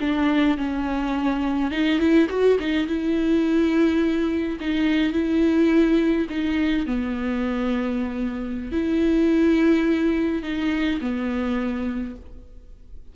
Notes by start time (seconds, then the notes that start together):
0.00 D4
0.57 C#4
1.71 D#4
1.99 E4
2.29 F#4
2.59 D#4
2.87 E4
4.60 D#4
5.12 E4
6.29 D#4
6.86 B3
8.71 E4
10.42 D#4
11.01 B3